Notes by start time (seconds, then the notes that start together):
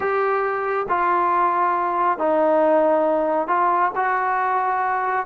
0.00 G4
0.89 F4
2.18 D#4
3.47 F4
3.95 F#4